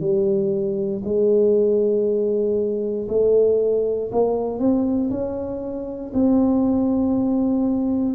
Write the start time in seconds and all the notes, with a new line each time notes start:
0.00 G3
1.04 G#3
3.08 A3
4.11 A#3
4.59 C4
5.10 C#4
6.13 C4